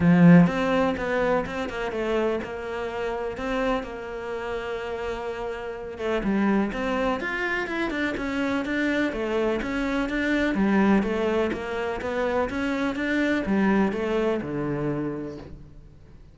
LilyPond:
\new Staff \with { instrumentName = "cello" } { \time 4/4 \tempo 4 = 125 f4 c'4 b4 c'8 ais8 | a4 ais2 c'4 | ais1~ | ais8 a8 g4 c'4 f'4 |
e'8 d'8 cis'4 d'4 a4 | cis'4 d'4 g4 a4 | ais4 b4 cis'4 d'4 | g4 a4 d2 | }